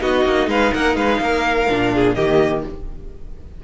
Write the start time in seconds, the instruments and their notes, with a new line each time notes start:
0.00 cello B3, viola D#4, violin F#4 D#5
0.25 cello A#3
0.47 cello G#3, violin B4 F5
0.74 cello A#3, violin A#4 F#5
0.96 cello G#3, violin B4 F5
1.20 cello A#3, violin A#4
1.69 cello A#2, viola D4
1.95 violin G#4
2.15 cello D#3, viola A#3, violin G4 D#5